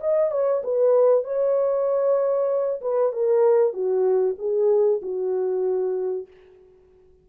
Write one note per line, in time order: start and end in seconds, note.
0.00 0.31 D#5
0.31 0.62 C#5
0.63 1.24 B4
1.24 2.80 C#5
2.81 3.12 B4
3.12 3.73 A#4
3.73 4.35 F#4
4.38 5.01 G#4
5.02 6.27 F#4